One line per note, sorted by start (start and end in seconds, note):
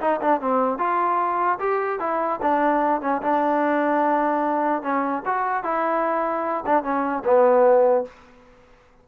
0.00 0.20 D#4
0.21 0.41 D4
0.41 0.78 C4
0.78 1.59 F4
1.59 1.99 G4
2.00 2.40 E4
2.42 3.01 D4
3.01 3.21 C#4
3.22 4.82 D4
4.82 5.22 C#4
5.26 5.63 F#4
5.63 6.64 E4
6.66 6.83 D4
6.83 7.23 C#4
7.24 8.05 B3